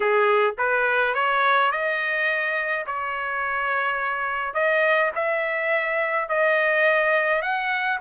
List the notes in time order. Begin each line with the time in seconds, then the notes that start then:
0.00 G#4
0.58 B4
1.14 C#5
1.71 D#5
2.86 C#5
4.54 D#5
5.15 E5
6.28 D#5
7.42 F#5